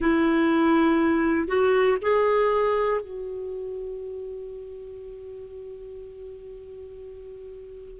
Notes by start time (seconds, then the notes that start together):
0.00 E4
1.47 F#4
2.01 G#4
3.01 F#4